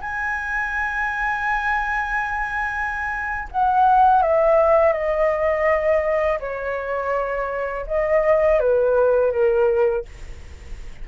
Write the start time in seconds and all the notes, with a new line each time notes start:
0.00 G#5
3.51 F#5
4.22 E5
4.92 D#5
6.39 C#5
7.86 D#5
8.59 B4
9.31 A#4